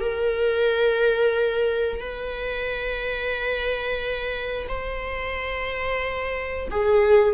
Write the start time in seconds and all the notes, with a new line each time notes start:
0.00 A#4
2.00 B4
4.68 C5
6.71 G#4